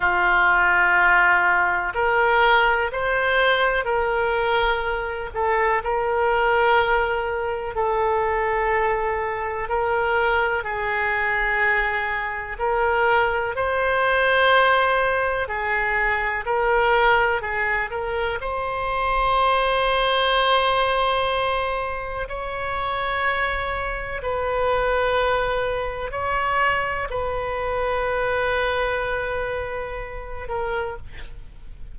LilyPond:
\new Staff \with { instrumentName = "oboe" } { \time 4/4 \tempo 4 = 62 f'2 ais'4 c''4 | ais'4. a'8 ais'2 | a'2 ais'4 gis'4~ | gis'4 ais'4 c''2 |
gis'4 ais'4 gis'8 ais'8 c''4~ | c''2. cis''4~ | cis''4 b'2 cis''4 | b'2.~ b'8 ais'8 | }